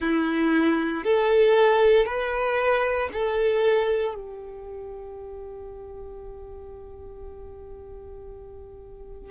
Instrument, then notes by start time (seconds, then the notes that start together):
violin
0.00 E4
1.03 A4
2.05 B4
3.13 A4
4.14 G4